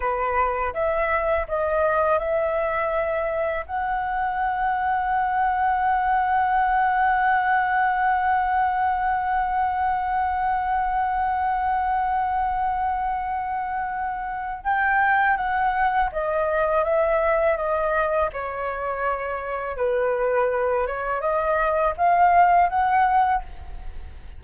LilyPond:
\new Staff \with { instrumentName = "flute" } { \time 4/4 \tempo 4 = 82 b'4 e''4 dis''4 e''4~ | e''4 fis''2.~ | fis''1~ | fis''1~ |
fis''1 | g''4 fis''4 dis''4 e''4 | dis''4 cis''2 b'4~ | b'8 cis''8 dis''4 f''4 fis''4 | }